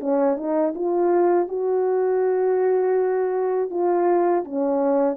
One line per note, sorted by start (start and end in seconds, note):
0.00 0.36 C#4
0.36 0.73 D#4
0.75 1.48 F4
1.48 3.70 F#4
3.70 4.44 F4
4.44 5.16 C#4